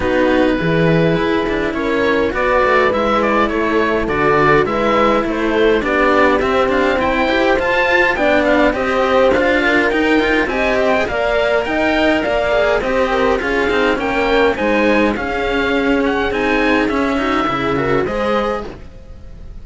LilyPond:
<<
  \new Staff \with { instrumentName = "oboe" } { \time 4/4 \tempo 4 = 103 b'2. cis''4 | d''4 e''8 d''8 cis''4 d''4 | e''4 c''4 d''4 e''8 f''8 | g''4 a''4 g''8 f''8 dis''4 |
f''4 g''4 gis''8 g''8 f''4 | g''4 f''4 dis''4 f''4 | g''4 gis''4 f''4. fis''8 | gis''4 e''2 dis''4 | }
  \new Staff \with { instrumentName = "horn" } { \time 4/4 fis'4 gis'2 ais'4 | b'2 a'2 | b'4 a'4 g'2 | c''2 d''4 c''4~ |
c''8 ais'4. dis''4 d''4 | dis''4 d''4 c''8 ais'8 gis'4 | ais'4 c''4 gis'2~ | gis'4. fis'8 gis'8 ais'8 c''4 | }
  \new Staff \with { instrumentName = "cello" } { \time 4/4 dis'4 e'2. | fis'4 e'2 fis'4 | e'2 d'4 c'4~ | c'8 g'8 f'4 d'4 g'4 |
f'4 dis'8 f'8 g'8. gis'16 ais'4~ | ais'4. gis'8 g'4 f'8 dis'8 | cis'4 dis'4 cis'2 | dis'4 cis'8 dis'8 e'8 fis'8 gis'4 | }
  \new Staff \with { instrumentName = "cello" } { \time 4/4 b4 e4 e'8 d'8 cis'4 | b8 a8 gis4 a4 d4 | gis4 a4 b4 c'8 d'8 | e'4 f'4 b4 c'4 |
d'4 dis'4 c'4 ais4 | dis'4 ais4 c'4 cis'8 c'8 | ais4 gis4 cis'2 | c'4 cis'4 cis4 gis4 | }
>>